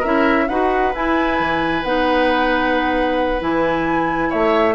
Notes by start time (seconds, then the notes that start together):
0.00 C#4 E4 A#4 E5
0.48 D#4 F#4 B4 F#5
0.93 E4 G#5
1.40 E3
1.83 B3 D#4 F#5
3.39 E3 E4 G#5
4.30 A3 C#5 E5